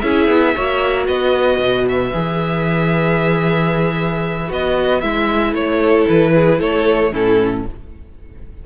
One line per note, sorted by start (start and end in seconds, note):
0.00 0.28 C#4
0.00 0.56 E4
0.00 0.56 G#4
0.00 1.05 E5
0.28 0.54 B3
0.56 1.08 A#3
0.56 2.13 F#4
0.56 1.08 C#5
1.08 1.59 B3
1.08 5.80 B4
1.08 1.87 D#5
1.59 2.12 B2
1.89 4.52 E5
2.13 4.51 E3
2.13 4.49 G#4
4.49 5.03 B3
4.49 5.01 F#4
4.49 5.01 D#5
5.01 5.54 G#3
5.01 7.12 E4
5.01 5.54 E5
5.54 6.06 A3
5.54 6.08 C#5
5.80 6.32 A4
6.09 6.61 E3
6.09 6.61 B4
6.35 6.60 G#4
6.60 7.13 A3
6.60 7.12 A4
6.60 7.14 C#5
7.12 7.66 A2
7.12 7.65 C#4
7.12 7.65 E4
7.12 7.67 A4